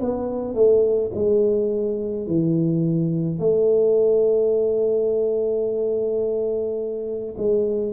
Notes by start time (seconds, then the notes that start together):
0.00 B3
0.55 A3
1.15 G#3
2.27 E3
3.40 A3
7.38 G#3